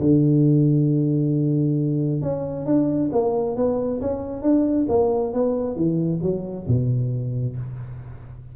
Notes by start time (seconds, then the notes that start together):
0.00 D3
2.22 C#4
2.66 D4
3.13 A#3
3.56 B3
4.01 C#4
4.42 D4
4.89 A#3
5.34 B3
5.76 E3
6.22 F#3
6.68 B2